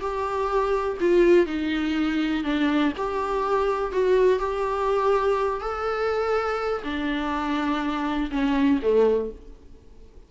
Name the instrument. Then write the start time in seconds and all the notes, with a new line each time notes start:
viola
0.00 G4
1.00 F4
1.46 D#4
2.43 D4
2.96 G4
3.92 F#4
4.38 G4
5.60 A4
6.84 D4
8.31 C#4
8.82 A3